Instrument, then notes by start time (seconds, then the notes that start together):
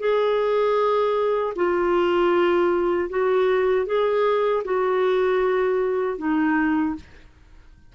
clarinet
0.00 G#4
1.56 F4
3.10 F#4
3.86 G#4
4.65 F#4
6.18 D#4